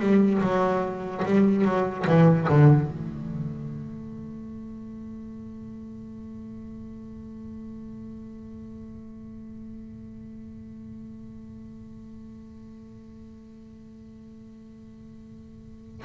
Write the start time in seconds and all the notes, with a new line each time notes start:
0.00 G3
0.41 F#3
1.25 G3
1.65 F#3
2.07 E3
2.49 D3
2.87 A3